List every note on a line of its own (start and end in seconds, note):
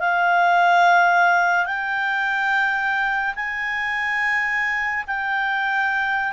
0.00 1.66 F5
1.66 3.35 G5
3.36 5.05 G#5
5.07 6.33 G5